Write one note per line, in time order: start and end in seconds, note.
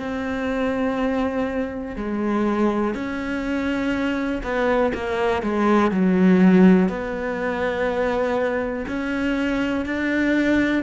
0.00 1.96 C4
1.96 2.95 G#3
2.95 4.42 C#4
4.44 4.93 B3
4.94 5.43 A#3
5.43 5.92 G#3
5.92 6.89 F#3
6.89 8.86 B3
8.88 9.86 C#4
9.86 10.83 D4